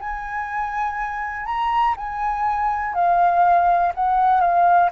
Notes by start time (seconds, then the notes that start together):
0.00 G#5
1.46 A#5
1.97 G#5
2.94 F5
3.95 F#5
4.41 F5